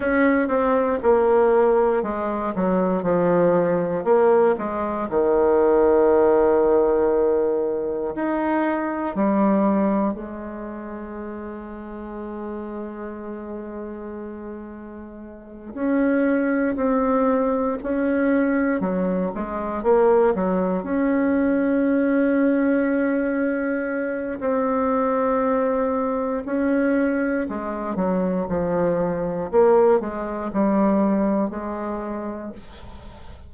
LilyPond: \new Staff \with { instrumentName = "bassoon" } { \time 4/4 \tempo 4 = 59 cis'8 c'8 ais4 gis8 fis8 f4 | ais8 gis8 dis2. | dis'4 g4 gis2~ | gis2.~ gis8 cis'8~ |
cis'8 c'4 cis'4 fis8 gis8 ais8 | fis8 cis'2.~ cis'8 | c'2 cis'4 gis8 fis8 | f4 ais8 gis8 g4 gis4 | }